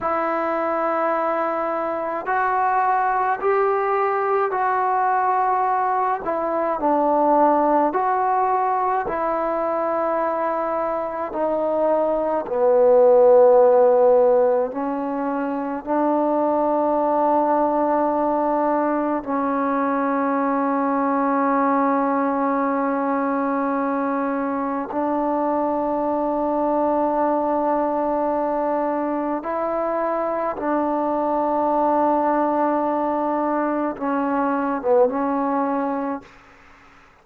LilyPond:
\new Staff \with { instrumentName = "trombone" } { \time 4/4 \tempo 4 = 53 e'2 fis'4 g'4 | fis'4. e'8 d'4 fis'4 | e'2 dis'4 b4~ | b4 cis'4 d'2~ |
d'4 cis'2.~ | cis'2 d'2~ | d'2 e'4 d'4~ | d'2 cis'8. b16 cis'4 | }